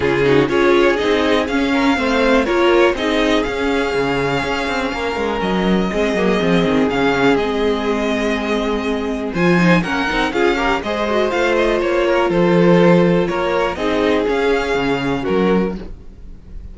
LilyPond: <<
  \new Staff \with { instrumentName = "violin" } { \time 4/4 \tempo 4 = 122 gis'4 cis''4 dis''4 f''4~ | f''4 cis''4 dis''4 f''4~ | f''2. dis''4~ | dis''2 f''4 dis''4~ |
dis''2. gis''4 | fis''4 f''4 dis''4 f''8 dis''8 | cis''4 c''2 cis''4 | dis''4 f''2 ais'4 | }
  \new Staff \with { instrumentName = "violin" } { \time 4/4 f'8 fis'8 gis'2~ gis'8 ais'8 | c''4 ais'4 gis'2~ | gis'2 ais'2 | gis'1~ |
gis'2. c''4 | ais'4 gis'8 ais'8 c''2~ | c''8 ais'8 a'2 ais'4 | gis'2. fis'4 | }
  \new Staff \with { instrumentName = "viola" } { \time 4/4 cis'8 dis'8 f'4 dis'4 cis'4 | c'4 f'4 dis'4 cis'4~ | cis'1 | c'8 ais8 c'4 cis'4 c'4~ |
c'2. f'8 dis'8 | cis'8 dis'8 f'8 g'8 gis'8 fis'8 f'4~ | f'1 | dis'4 cis'2. | }
  \new Staff \with { instrumentName = "cello" } { \time 4/4 cis4 cis'4 c'4 cis'4 | a4 ais4 c'4 cis'4 | cis4 cis'8 c'8 ais8 gis8 fis4 | gis8 fis8 f8 dis8 cis4 gis4~ |
gis2. f4 | ais8 c'8 cis'4 gis4 a4 | ais4 f2 ais4 | c'4 cis'4 cis4 fis4 | }
>>